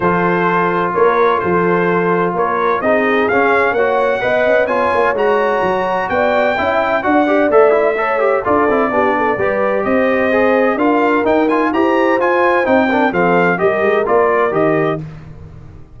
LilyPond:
<<
  \new Staff \with { instrumentName = "trumpet" } { \time 4/4 \tempo 4 = 128 c''2 cis''4 c''4~ | c''4 cis''4 dis''4 f''4 | fis''2 gis''4 ais''4~ | ais''4 g''2 fis''4 |
e''2 d''2~ | d''4 dis''2 f''4 | g''8 gis''8 ais''4 gis''4 g''4 | f''4 dis''4 d''4 dis''4 | }
  \new Staff \with { instrumentName = "horn" } { \time 4/4 a'2 ais'4 a'4~ | a'4 ais'4 gis'2 | cis''4 dis''4 cis''2~ | cis''4 d''4 e''4 d''4~ |
d''4 cis''4 a'4 g'8 a'8 | b'4 c''2 ais'4~ | ais'4 c''2~ c''8 ais'8 | a'4 ais'2. | }
  \new Staff \with { instrumentName = "trombone" } { \time 4/4 f'1~ | f'2 dis'4 cis'4 | fis'4 b'4 f'4 fis'4~ | fis'2 e'4 fis'8 g'8 |
a'8 e'8 a'8 g'8 f'8 e'8 d'4 | g'2 gis'4 f'4 | dis'8 f'8 g'4 f'4 dis'8 d'8 | c'4 g'4 f'4 g'4 | }
  \new Staff \with { instrumentName = "tuba" } { \time 4/4 f2 ais4 f4~ | f4 ais4 c'4 cis'4 | ais4 b8 cis'8 b8 ais8 gis4 | fis4 b4 cis'4 d'4 |
a2 d'8 c'8 b4 | g4 c'2 d'4 | dis'4 e'4 f'4 c'4 | f4 g8 gis8 ais4 dis4 | }
>>